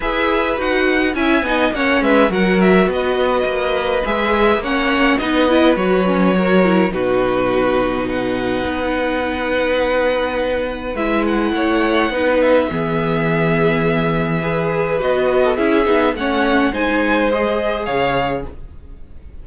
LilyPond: <<
  \new Staff \with { instrumentName = "violin" } { \time 4/4 \tempo 4 = 104 e''4 fis''4 gis''4 fis''8 e''8 | fis''8 e''8 dis''2 e''4 | fis''4 dis''4 cis''2 | b'2 fis''2~ |
fis''2. e''8 fis''8~ | fis''4. e''2~ e''8~ | e''2 dis''4 e''4 | fis''4 gis''4 dis''4 f''4 | }
  \new Staff \with { instrumentName = "violin" } { \time 4/4 b'2 e''8 dis''8 cis''8 b'8 | ais'4 b'2. | cis''4 b'2 ais'4 | fis'2 b'2~ |
b'1 | cis''4 b'4 gis'2~ | gis'4 b'4.~ b'16 a'16 gis'4 | cis''4 c''2 cis''4 | }
  \new Staff \with { instrumentName = "viola" } { \time 4/4 gis'4 fis'4 e'8 dis'8 cis'4 | fis'2. gis'4 | cis'4 dis'8 e'8 fis'8 cis'8 fis'8 e'8 | dis'1~ |
dis'2. e'4~ | e'4 dis'4 b2~ | b4 gis'4 fis'4 e'8 dis'8 | cis'4 dis'4 gis'2 | }
  \new Staff \with { instrumentName = "cello" } { \time 4/4 e'4 dis'4 cis'8 b8 ais8 gis8 | fis4 b4 ais4 gis4 | ais4 b4 fis2 | b,2. b4~ |
b2. gis4 | a4 b4 e2~ | e2 b4 cis'8 b8 | a4 gis2 cis4 | }
>>